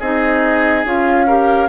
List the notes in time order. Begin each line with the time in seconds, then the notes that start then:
0.00 C4 D#4 G#4 D#5
0.85 C#4 F4 F5
1.27 G4 A#4